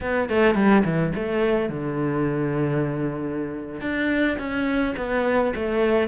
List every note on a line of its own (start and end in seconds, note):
0.00 0.29 B3
0.29 0.55 A3
0.55 0.83 G3
0.84 1.12 E3
1.15 1.69 A3
1.69 3.80 D3
3.80 4.37 D4
4.38 4.95 C#4
4.97 5.53 B3
5.55 6.07 A3